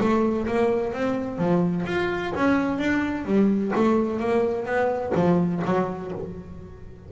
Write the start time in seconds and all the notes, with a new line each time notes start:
0.00 A3
0.47 A#3
0.93 C4
1.38 F3
1.86 F4
2.35 C#4
2.78 D4
3.25 G3
3.75 A3
4.20 A#3
4.65 B3
5.15 F3
5.65 F#3